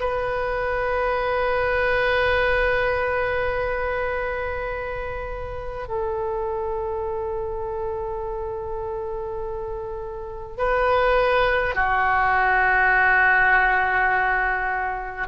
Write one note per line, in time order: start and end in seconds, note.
0.00 5.88 B4
5.88 10.58 A4
10.58 11.75 B4
11.75 15.28 F#4